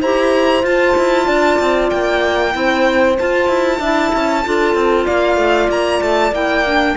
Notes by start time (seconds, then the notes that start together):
0.00 E4 G4 C5 A#5
0.63 F4 A5
0.97 E4
1.25 D4 D5
1.59 C4
1.89 A#3 G5
2.52 C4 E4 C5
3.17 F4 A5
3.48 E4
3.79 D4 E4 E5
4.14 C#4
4.44 D4 F4 A4
4.74 C4
5.06 A#3 D5 F5
5.36 A3
5.69 A#3 A#5
6.01 A3 A5
6.31 A#3 E4 G5
6.65 D4